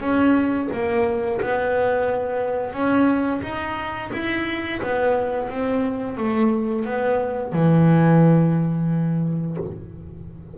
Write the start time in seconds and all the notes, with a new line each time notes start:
0.00 C#4
0.73 A#3
1.41 B3
2.73 C#4
3.42 D#4
4.12 E4
4.82 B3
5.49 C4
6.17 A3
6.85 B3
7.52 E3